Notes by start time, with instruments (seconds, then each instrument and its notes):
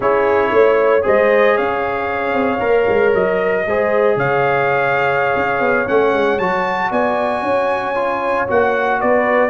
0.00 tuba C#4, trombone E4, horn G#4, trumpet C#5
0.51 tuba A3, horn C#5
1.02 tuba G#3, trombone G#4, horn C5, trumpet D#5
1.56 tuba C#4, horn C#5, trumpet F5
2.33 tuba C4
2.60 tuba A#3, trombone A#4
2.88 tuba G#3
3.14 tuba F#3, trumpet D#5
3.65 tuba G#3, trombone G#4, horn C5
4.15 tuba C#3, horn C#5, trumpet F5
5.36 tuba C#4
5.60 tuba B3
5.86 tuba A3, trombone C#4, trumpet F#5
6.13 tuba G#3
6.38 tuba F#3, trombone F#4, trumpet A5
6.91 tuba B3, horn D5, trumpet G#5
7.42 tuba C#4, horn C#5
7.95 trombone F4
8.47 tuba A#3, trombone F#4, trumpet F#5
8.99 tuba B3, horn B4, trumpet D5